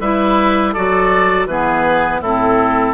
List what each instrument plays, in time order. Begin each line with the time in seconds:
0.00 bassoon G3, clarinet E4, oboe B4 E5
0.73 bassoon F#3, clarinet F#4, oboe A4 D5
1.46 bassoon E3, clarinet B3, oboe G#4 B4
2.21 bassoon A2, clarinet C4, oboe E4 A4